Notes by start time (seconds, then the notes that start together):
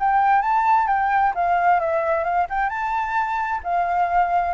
0.00 G5
0.42 A5
0.88 G5
1.35 F5
1.80 E5
2.24 F5
2.50 G5
2.70 A5
3.64 F5